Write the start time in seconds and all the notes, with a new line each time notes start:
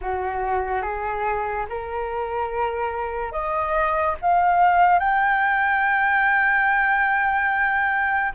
0.01 F#4
0.82 G#4
1.69 A#4
3.31 D#5
4.21 F5
4.98 G5